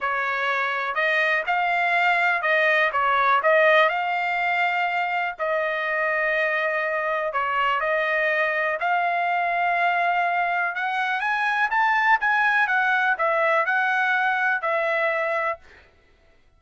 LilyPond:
\new Staff \with { instrumentName = "trumpet" } { \time 4/4 \tempo 4 = 123 cis''2 dis''4 f''4~ | f''4 dis''4 cis''4 dis''4 | f''2. dis''4~ | dis''2. cis''4 |
dis''2 f''2~ | f''2 fis''4 gis''4 | a''4 gis''4 fis''4 e''4 | fis''2 e''2 | }